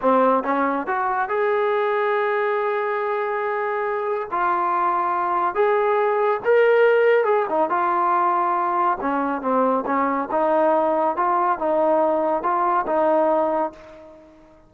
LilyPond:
\new Staff \with { instrumentName = "trombone" } { \time 4/4 \tempo 4 = 140 c'4 cis'4 fis'4 gis'4~ | gis'1~ | gis'2 f'2~ | f'4 gis'2 ais'4~ |
ais'4 gis'8 dis'8 f'2~ | f'4 cis'4 c'4 cis'4 | dis'2 f'4 dis'4~ | dis'4 f'4 dis'2 | }